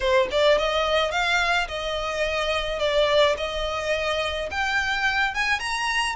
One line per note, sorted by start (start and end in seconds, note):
0.00 0.28 C5
0.31 0.58 D5
0.58 1.11 D#5
1.11 1.67 F5
1.67 2.79 D#5
2.79 3.35 D5
3.37 4.49 D#5
4.50 5.34 G5
5.34 5.59 G#5
5.59 6.15 A#5